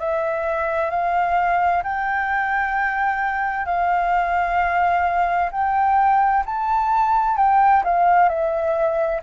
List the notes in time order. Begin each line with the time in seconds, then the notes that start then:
0.00 E5
0.91 F5
1.83 G5
3.66 F5
5.52 G5
6.46 A5
7.37 G5
7.85 F5
8.29 E5